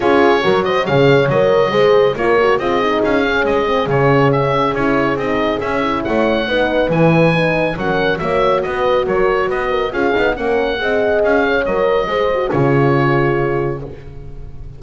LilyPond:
<<
  \new Staff \with { instrumentName = "oboe" } { \time 4/4 \tempo 4 = 139 cis''4. dis''8 f''4 dis''4~ | dis''4 cis''4 dis''4 f''4 | dis''4 cis''4 e''4 cis''4 | dis''4 e''4 fis''2 |
gis''2 fis''4 e''4 | dis''4 cis''4 dis''4 f''4 | fis''2 f''4 dis''4~ | dis''4 cis''2. | }
  \new Staff \with { instrumentName = "horn" } { \time 4/4 gis'4 ais'8 c''8 cis''2 | c''4 ais'4 gis'2~ | gis'1~ | gis'2 cis''4 b'4~ |
b'2 ais'4 cis''4 | b'4 ais'4 b'8 ais'8 gis'4 | ais'4 dis''4. cis''4. | c''4 gis'2. | }
  \new Staff \with { instrumentName = "horn" } { \time 4/4 f'4 fis'4 gis'4 ais'4 | gis'4 f'8 fis'8 f'8 dis'4 cis'8~ | cis'8 c'8 cis'2 e'4 | dis'4 cis'8 e'4. dis'4 |
e'4 dis'4 cis'4 fis'4~ | fis'2. f'8 dis'8 | cis'4 gis'2 ais'4 | gis'8 fis'8 f'2. | }
  \new Staff \with { instrumentName = "double bass" } { \time 4/4 cis'4 fis4 cis4 fis4 | gis4 ais4 c'4 cis'4 | gis4 cis2 cis'4 | c'4 cis'4 a4 b4 |
e2 fis4 ais4 | b4 fis4 b4 cis'8 b8 | ais4 c'4 cis'4 fis4 | gis4 cis2. | }
>>